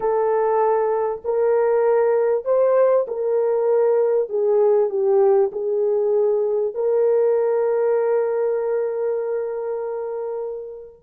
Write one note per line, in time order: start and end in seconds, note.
0.00 1.22 A4
1.24 2.44 A#4
2.44 3.06 C5
3.07 4.29 A#4
4.29 4.89 G#4
4.89 5.50 G4
5.52 6.74 G#4
6.74 11.03 A#4